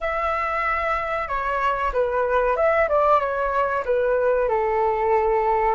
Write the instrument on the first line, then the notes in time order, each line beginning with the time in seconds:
flute
0.00 E5
1.28 C#5
1.93 B4
2.56 E5
2.88 D5
3.20 C#5
3.85 B4
4.49 A4